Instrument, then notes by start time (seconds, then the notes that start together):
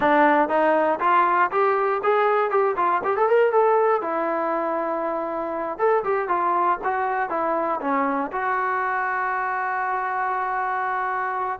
trombone
0.00 D4
0.48 D#4
1.00 F4
1.51 G4
2.03 G#4
2.50 G4
2.76 F4
3.03 G4
3.16 A4
3.28 A#4
3.52 A4
4.01 E4
5.78 A4
6.04 G4
6.28 F4
6.83 F#4
7.29 E4
7.80 C#4
8.32 F#4